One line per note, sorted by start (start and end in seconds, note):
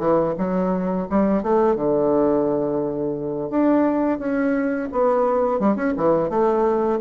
0.00 0.35 E3
0.38 1.08 F#3
1.10 1.43 G3
1.43 1.76 A3
1.76 3.50 D3
3.50 4.19 D4
4.19 4.89 C#4
4.92 5.60 B3
5.60 5.76 G3
5.76 5.94 C#4
5.97 6.30 E3
6.30 7.00 A3